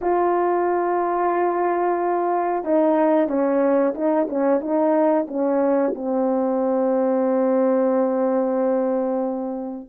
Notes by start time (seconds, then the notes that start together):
0.01 F4
2.64 D#4
3.28 C#4
3.94 D#4
4.29 C#4
4.60 D#4
5.27 C#4
5.95 C4